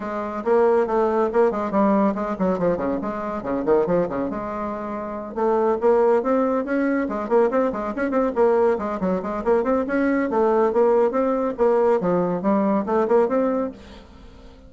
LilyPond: \new Staff \with { instrumentName = "bassoon" } { \time 4/4 \tempo 4 = 140 gis4 ais4 a4 ais8 gis8 | g4 gis8 fis8 f8 cis8 gis4 | cis8 dis8 f8 cis8 gis2~ | gis8 a4 ais4 c'4 cis'8~ |
cis'8 gis8 ais8 c'8 gis8 cis'8 c'8 ais8~ | ais8 gis8 fis8 gis8 ais8 c'8 cis'4 | a4 ais4 c'4 ais4 | f4 g4 a8 ais8 c'4 | }